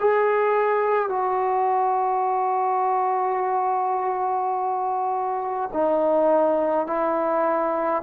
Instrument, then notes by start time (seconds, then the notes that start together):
trombone
0.00 G#4
1.09 F#4
5.73 D#4
6.87 E4